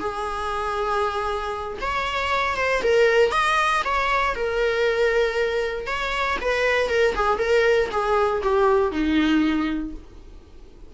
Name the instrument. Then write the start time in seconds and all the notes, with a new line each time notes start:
viola
0.00 G#4
1.81 C#5
2.57 C5
2.83 A#4
3.32 D#5
3.85 C#5
4.35 A#4
5.87 C#5
6.41 B4
6.89 A#4
7.15 G#4
7.38 A#4
7.91 G#4
8.43 G4
8.92 D#4